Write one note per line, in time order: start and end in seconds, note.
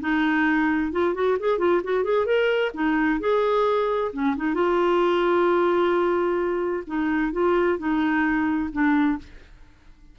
0.00 0.92 D#4
0.92 1.14 F4
1.14 1.37 F#4
1.39 1.58 G#4
1.58 1.81 F4
1.84 2.04 F#4
2.04 2.26 G#4
2.26 2.71 A#4
2.74 3.20 D#4
3.20 4.11 G#4
4.12 4.35 C#4
4.36 4.54 D#4
4.54 6.83 F4
6.87 7.32 D#4
7.32 7.78 F4
7.78 8.70 D#4
8.72 9.18 D4